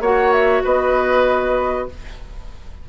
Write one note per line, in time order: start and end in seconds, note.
0.00 0.62 A#3
0.00 1.89 F#4
0.00 0.63 C#5
0.00 0.32 F#5
0.32 0.63 E5
0.64 1.89 B3
0.64 1.87 B4
0.64 1.89 D#5